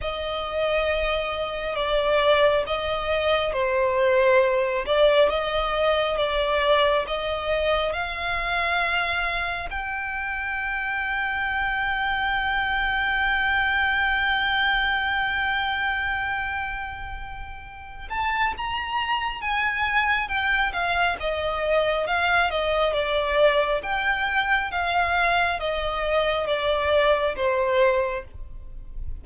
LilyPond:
\new Staff \with { instrumentName = "violin" } { \time 4/4 \tempo 4 = 68 dis''2 d''4 dis''4 | c''4. d''8 dis''4 d''4 | dis''4 f''2 g''4~ | g''1~ |
g''1~ | g''8 a''8 ais''4 gis''4 g''8 f''8 | dis''4 f''8 dis''8 d''4 g''4 | f''4 dis''4 d''4 c''4 | }